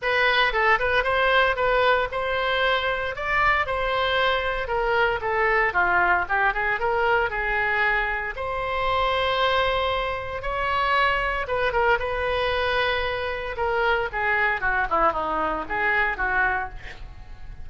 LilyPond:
\new Staff \with { instrumentName = "oboe" } { \time 4/4 \tempo 4 = 115 b'4 a'8 b'8 c''4 b'4 | c''2 d''4 c''4~ | c''4 ais'4 a'4 f'4 | g'8 gis'8 ais'4 gis'2 |
c''1 | cis''2 b'8 ais'8 b'4~ | b'2 ais'4 gis'4 | fis'8 e'8 dis'4 gis'4 fis'4 | }